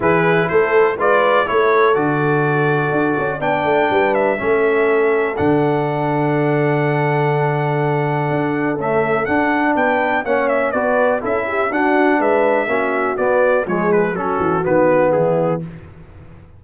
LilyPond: <<
  \new Staff \with { instrumentName = "trumpet" } { \time 4/4 \tempo 4 = 123 b'4 c''4 d''4 cis''4 | d''2. g''4~ | g''8 e''2~ e''8 fis''4~ | fis''1~ |
fis''2 e''4 fis''4 | g''4 fis''8 e''8 d''4 e''4 | fis''4 e''2 d''4 | cis''8 b'8 a'4 b'4 gis'4 | }
  \new Staff \with { instrumentName = "horn" } { \time 4/4 gis'4 a'4 b'4 a'4~ | a'2. d''4 | b'4 a'2.~ | a'1~ |
a'1 | b'4 cis''4 b'4 a'8 g'8 | fis'4 b'4 fis'2 | gis'4 fis'2 e'4 | }
  \new Staff \with { instrumentName = "trombone" } { \time 4/4 e'2 f'4 e'4 | fis'2. d'4~ | d'4 cis'2 d'4~ | d'1~ |
d'2 a4 d'4~ | d'4 cis'4 fis'4 e'4 | d'2 cis'4 b4 | gis4 cis'4 b2 | }
  \new Staff \with { instrumentName = "tuba" } { \time 4/4 e4 a4 gis4 a4 | d2 d'8 cis'8 b8 a8 | g4 a2 d4~ | d1~ |
d4 d'4 cis'4 d'4 | b4 ais4 b4 cis'4 | d'4 gis4 ais4 b4 | f4 fis8 e8 dis4 e4 | }
>>